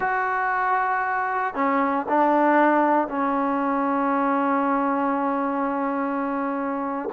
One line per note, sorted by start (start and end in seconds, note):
0.00 1.54 F#4
1.54 2.05 C#4
2.08 3.08 D4
3.08 7.09 C#4